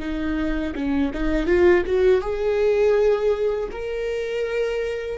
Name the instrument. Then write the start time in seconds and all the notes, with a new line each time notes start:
viola
0.00 D#4
0.75 C#4
1.14 D#4
1.46 F4
1.86 F#4
2.21 G#4
3.72 A#4